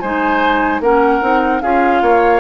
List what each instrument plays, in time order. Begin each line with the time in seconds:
0.00 bassoon G#3, clarinet D#4, oboe C5, flute G#5
0.80 bassoon A#3, clarinet C#4, oboe A#4, flute F#5
1.22 bassoon C4, clarinet D#4
1.61 bassoon C#4, clarinet F4, oboe G#4, flute F5
2.02 bassoon A#3, oboe C#5